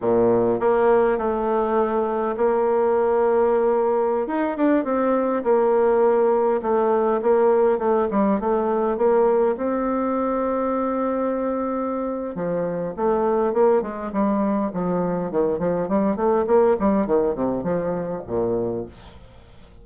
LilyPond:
\new Staff \with { instrumentName = "bassoon" } { \time 4/4 \tempo 4 = 102 ais,4 ais4 a2 | ais2.~ ais16 dis'8 d'16~ | d'16 c'4 ais2 a8.~ | a16 ais4 a8 g8 a4 ais8.~ |
ais16 c'2.~ c'8.~ | c'4 f4 a4 ais8 gis8 | g4 f4 dis8 f8 g8 a8 | ais8 g8 dis8 c8 f4 ais,4 | }